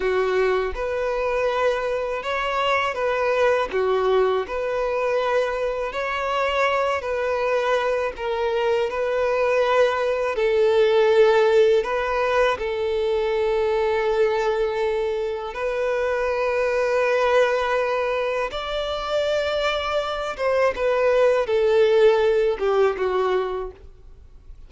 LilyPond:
\new Staff \with { instrumentName = "violin" } { \time 4/4 \tempo 4 = 81 fis'4 b'2 cis''4 | b'4 fis'4 b'2 | cis''4. b'4. ais'4 | b'2 a'2 |
b'4 a'2.~ | a'4 b'2.~ | b'4 d''2~ d''8 c''8 | b'4 a'4. g'8 fis'4 | }